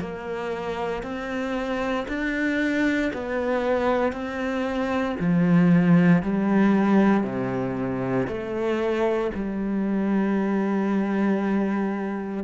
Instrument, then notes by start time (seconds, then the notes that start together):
cello
0.00 A#3
1.03 C4
2.08 D4
3.13 B3
4.13 C4
5.20 F3
6.23 G3
7.24 C3
8.28 A3
9.34 G3